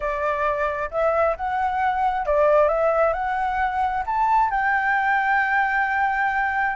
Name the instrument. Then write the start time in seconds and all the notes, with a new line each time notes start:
flute
0.00 D5
0.90 E5
1.36 F#5
2.26 D5
2.68 E5
3.13 F#5
4.06 A5
4.50 G5